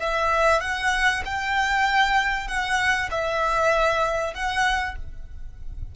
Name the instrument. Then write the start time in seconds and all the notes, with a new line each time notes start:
violin
0.00 E5
0.61 F#5
1.25 G5
2.48 F#5
3.11 E5
4.34 F#5